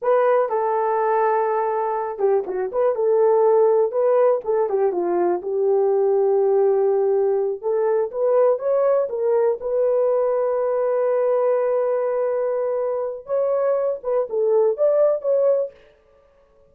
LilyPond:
\new Staff \with { instrumentName = "horn" } { \time 4/4 \tempo 4 = 122 b'4 a'2.~ | a'8 g'8 fis'8 b'8 a'2 | b'4 a'8 g'8 f'4 g'4~ | g'2.~ g'8 a'8~ |
a'8 b'4 cis''4 ais'4 b'8~ | b'1~ | b'2. cis''4~ | cis''8 b'8 a'4 d''4 cis''4 | }